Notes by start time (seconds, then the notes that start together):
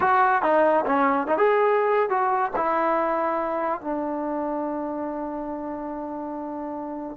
0.00 F#4
0.42 D#4
0.85 C#4
1.27 D#4
1.37 G#4
2.09 F#4
2.55 E4
3.81 D4